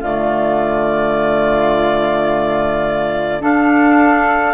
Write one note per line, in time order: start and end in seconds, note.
0.00 3.42 D3
0.00 3.41 A3
0.00 3.40 F4
0.00 3.43 D5
3.41 4.54 D4
3.41 4.54 A4
3.41 4.54 F5